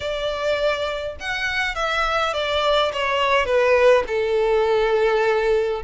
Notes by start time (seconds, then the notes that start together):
0.00 D5
1.19 F#5
1.75 E5
2.33 D5
2.92 C#5
3.45 B4
4.07 A4